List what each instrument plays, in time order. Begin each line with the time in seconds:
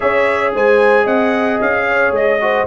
0.00 tuba C#4, trombone G#4, horn C#5, trumpet E5
0.54 tuba G#3, horn C5, trumpet G#5
1.04 tuba C4, horn D#5, trumpet F#5
1.60 tuba C#4, trumpet F5
1.87 horn C#5
2.11 tuba G#3, trumpet D#5
2.41 trombone F#4, horn C5